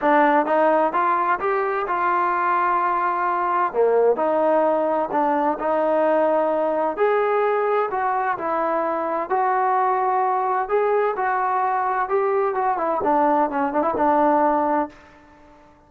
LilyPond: \new Staff \with { instrumentName = "trombone" } { \time 4/4 \tempo 4 = 129 d'4 dis'4 f'4 g'4 | f'1 | ais4 dis'2 d'4 | dis'2. gis'4~ |
gis'4 fis'4 e'2 | fis'2. gis'4 | fis'2 g'4 fis'8 e'8 | d'4 cis'8 d'16 e'16 d'2 | }